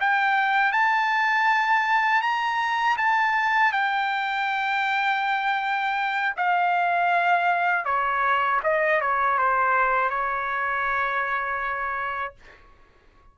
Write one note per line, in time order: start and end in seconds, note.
0.00 0.72 G5
0.72 2.22 A5
2.22 2.97 A#5
2.97 3.72 A5
3.72 6.35 G5
6.37 7.85 F5
7.85 8.60 C#5
8.64 9.01 D#5
9.01 9.39 C#5
9.39 10.10 C5
10.10 12.35 C#5